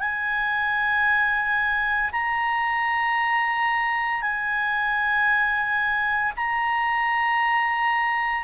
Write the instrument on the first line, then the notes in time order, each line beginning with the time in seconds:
clarinet
0.00 G#5
2.12 A#5
4.22 G#5
6.36 A#5